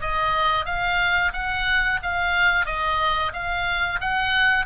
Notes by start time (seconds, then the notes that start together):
0.00 D#5
0.65 F5
1.33 F#5
2.02 F5
2.65 D#5
3.33 F5
4.00 F#5